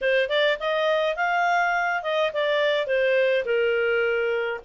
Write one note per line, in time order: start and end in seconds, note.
0.01 0.29 C5
0.29 0.58 D5
0.59 1.16 D#5
1.16 2.02 F5
2.02 2.31 D#5
2.33 2.87 D5
2.87 3.44 C5
3.45 4.60 A#4